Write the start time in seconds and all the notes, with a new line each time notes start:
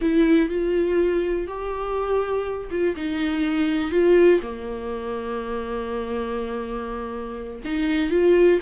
0.01 E4
0.49 F4
1.47 G4
2.70 F4
2.96 D#4
3.91 F4
4.42 A#3
7.65 D#4
8.10 F4